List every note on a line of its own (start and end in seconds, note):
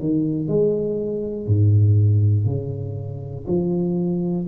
0.00 0.48 D#3
0.48 1.48 G#3
1.48 2.46 G#2
2.46 3.46 C#3
3.47 4.47 F3